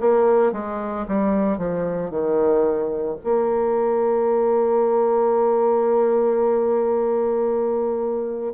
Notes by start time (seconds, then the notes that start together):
0.00 A#3
0.52 G#3
1.08 G3
1.58 F3
2.10 D#3
3.23 A#3